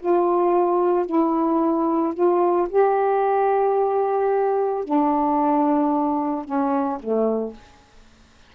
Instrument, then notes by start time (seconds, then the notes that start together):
saxophone
0.00 F4
1.06 E4
2.14 F4
2.70 G4
4.84 D4
6.45 C#4
7.00 A3